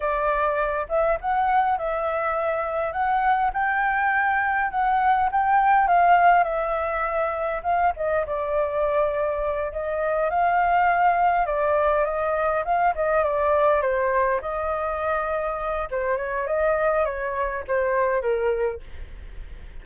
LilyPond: \new Staff \with { instrumentName = "flute" } { \time 4/4 \tempo 4 = 102 d''4. e''8 fis''4 e''4~ | e''4 fis''4 g''2 | fis''4 g''4 f''4 e''4~ | e''4 f''8 dis''8 d''2~ |
d''8 dis''4 f''2 d''8~ | d''8 dis''4 f''8 dis''8 d''4 c''8~ | c''8 dis''2~ dis''8 c''8 cis''8 | dis''4 cis''4 c''4 ais'4 | }